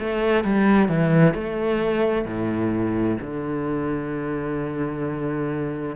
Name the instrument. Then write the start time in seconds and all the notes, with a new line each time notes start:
cello
0.00 A3
0.44 G3
0.89 E3
1.34 A3
2.26 A2
3.21 D3